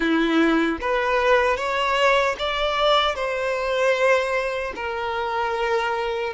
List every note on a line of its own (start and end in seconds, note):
0.00 0.78 E4
0.81 1.56 B4
1.56 2.35 C#5
2.39 3.15 D5
3.15 4.73 C5
4.75 6.33 A#4